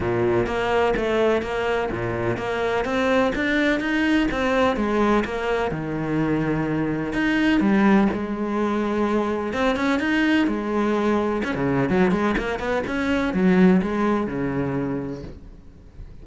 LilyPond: \new Staff \with { instrumentName = "cello" } { \time 4/4 \tempo 4 = 126 ais,4 ais4 a4 ais4 | ais,4 ais4 c'4 d'4 | dis'4 c'4 gis4 ais4 | dis2. dis'4 |
g4 gis2. | c'8 cis'8 dis'4 gis2 | cis'16 cis8. fis8 gis8 ais8 b8 cis'4 | fis4 gis4 cis2 | }